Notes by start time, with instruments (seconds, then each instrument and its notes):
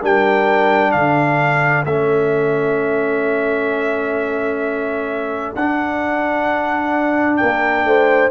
0.00 tuba G3, trombone D4, horn A#4, trumpet G5
0.91 tuba D3, horn A4, trumpet F5
1.85 tuba A3, trombone C#4, trumpet E5
5.55 tuba D4, trombone D4, trumpet F#5
7.37 tuba A#3, horn A#4, trumpet G5
7.85 tuba A3, horn C5